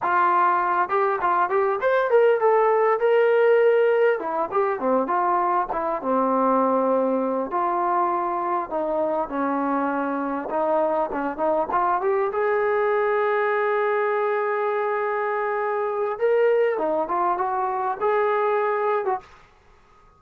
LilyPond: \new Staff \with { instrumentName = "trombone" } { \time 4/4 \tempo 4 = 100 f'4. g'8 f'8 g'8 c''8 ais'8 | a'4 ais'2 e'8 g'8 | c'8 f'4 e'8 c'2~ | c'8 f'2 dis'4 cis'8~ |
cis'4. dis'4 cis'8 dis'8 f'8 | g'8 gis'2.~ gis'8~ | gis'2. ais'4 | dis'8 f'8 fis'4 gis'4.~ gis'16 fis'16 | }